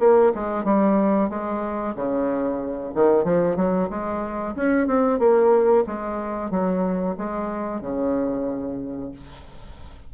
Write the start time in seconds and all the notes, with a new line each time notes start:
0.00 A#3
0.35 G#3
0.65 G3
1.30 G#3
1.96 C#3
2.95 D#3
3.25 F3
3.57 F#3
3.90 G#3
4.56 C#4
4.87 C4
5.19 A#3
5.87 G#3
6.51 F#3
7.18 G#3
7.81 C#3